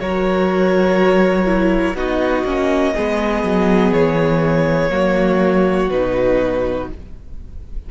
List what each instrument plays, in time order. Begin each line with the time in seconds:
0.00 cello F#3, viola F#4, violin A#4 C#5
1.46 viola E4
1.94 cello B3, viola D#4, violin F#4 D#5
2.44 cello A#3, viola C#4
2.94 cello G#3, viola B3, violin G#4
3.43 cello F#3
3.92 cello E3, violin C#5
4.90 cello F#3, viola A#3, violin F#4
5.89 cello B2, viola D#4, violin B4